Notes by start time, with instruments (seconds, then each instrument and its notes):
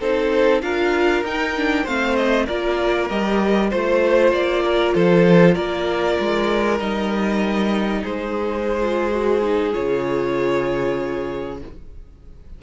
0.00 cello C4, viola D#4, violin A4 C5
0.62 cello D4, viola F4, violin A#4 F5
1.23 cello D#4, viola D#4, violin G5
1.56 viola D4
1.84 cello A3, viola C4, violin C5 F5
2.15 violin D#5
2.46 cello A#3, viola F4, violin A#4 D5
3.09 cello G3, viola G4, violin D#5
3.70 cello A3, viola F4, violin C5
4.32 cello A#3, violin D5
4.64 violin A#4
4.94 cello F3, violin A4 C5
5.54 cello A#3, violin A#4 D5
6.20 cello G#3
6.78 cello G3, viola D#4, violin D#5
8.02 cello G#3, violin G#4 C5
8.81 viola F4
9.11 viola F#4
9.42 viola D#4
9.72 cello C#3, viola F4, violin C#5